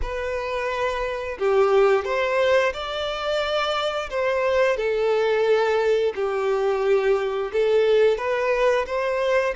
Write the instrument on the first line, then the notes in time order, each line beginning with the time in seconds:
violin
0.02 B4
1.38 G4
2.04 C5
2.73 D5
4.09 C5
4.77 A4
6.15 G4
7.52 A4
8.17 B4
8.86 C5